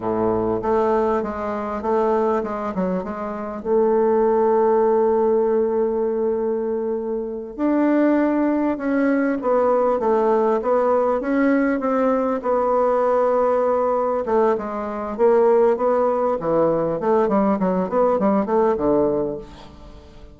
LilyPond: \new Staff \with { instrumentName = "bassoon" } { \time 4/4 \tempo 4 = 99 a,4 a4 gis4 a4 | gis8 fis8 gis4 a2~ | a1~ | a8 d'2 cis'4 b8~ |
b8 a4 b4 cis'4 c'8~ | c'8 b2. a8 | gis4 ais4 b4 e4 | a8 g8 fis8 b8 g8 a8 d4 | }